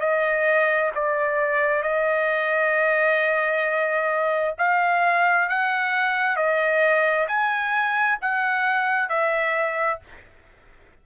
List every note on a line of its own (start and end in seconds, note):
0.00 0.91 D#5
0.95 1.82 D5
1.82 4.55 D#5
4.58 5.49 F5
5.49 6.36 F#5
6.36 7.27 D#5
7.28 8.19 G#5
8.21 9.09 F#5
9.09 10.00 E5